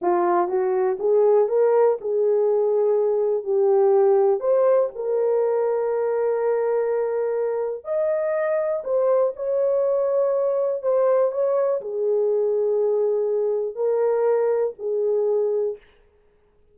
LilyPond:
\new Staff \with { instrumentName = "horn" } { \time 4/4 \tempo 4 = 122 f'4 fis'4 gis'4 ais'4 | gis'2. g'4~ | g'4 c''4 ais'2~ | ais'1 |
dis''2 c''4 cis''4~ | cis''2 c''4 cis''4 | gis'1 | ais'2 gis'2 | }